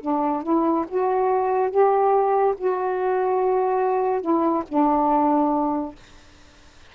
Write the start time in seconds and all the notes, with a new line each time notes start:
0.00 D4
0.43 E4
0.88 F#4
1.70 G4
2.57 F#4
4.21 E4
4.68 D4